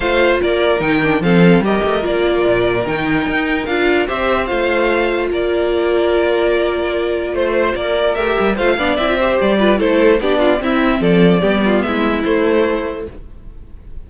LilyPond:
<<
  \new Staff \with { instrumentName = "violin" } { \time 4/4 \tempo 4 = 147 f''4 d''4 g''4 f''4 | dis''4 d''2 g''4~ | g''4 f''4 e''4 f''4~ | f''4 d''2.~ |
d''2 c''4 d''4 | e''4 f''4 e''4 d''4 | c''4 d''4 e''4 d''4~ | d''4 e''4 c''2 | }
  \new Staff \with { instrumentName = "violin" } { \time 4/4 c''4 ais'2 a'4 | ais'1~ | ais'2 c''2~ | c''4 ais'2.~ |
ais'2 c''4 ais'4~ | ais'4 c''8 d''4 c''4 b'8 | a'4 g'8 f'8 e'4 a'4 | g'8 f'8 e'2. | }
  \new Staff \with { instrumentName = "viola" } { \time 4/4 f'2 dis'8 d'8 c'4 | g'4 f'2 dis'4~ | dis'4 f'4 g'4 f'4~ | f'1~ |
f'1 | g'4 f'8 d'8 e'16 f'16 g'4 f'8 | e'4 d'4 c'2 | b2 a2 | }
  \new Staff \with { instrumentName = "cello" } { \time 4/4 a4 ais4 dis4 f4 | g8 a8 ais4 ais,4 dis4 | dis'4 d'4 c'4 a4~ | a4 ais2.~ |
ais2 a4 ais4 | a8 g8 a8 b8 c'4 g4 | a4 b4 c'4 f4 | g4 gis4 a2 | }
>>